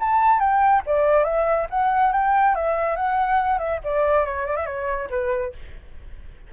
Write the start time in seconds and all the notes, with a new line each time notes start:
0.00 A5
0.39 G5
0.86 D5
1.24 E5
1.70 F#5
2.12 G5
2.55 E5
2.96 F#5
3.58 E5
3.84 D5
4.25 C#5
4.46 D5
4.56 E5
4.66 C#5
5.10 B4